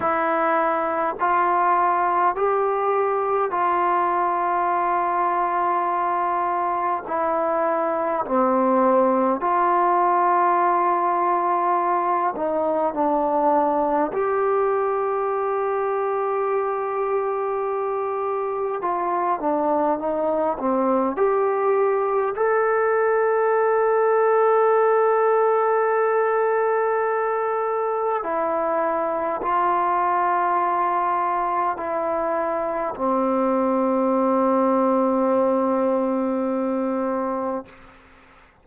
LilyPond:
\new Staff \with { instrumentName = "trombone" } { \time 4/4 \tempo 4 = 51 e'4 f'4 g'4 f'4~ | f'2 e'4 c'4 | f'2~ f'8 dis'8 d'4 | g'1 |
f'8 d'8 dis'8 c'8 g'4 a'4~ | a'1 | e'4 f'2 e'4 | c'1 | }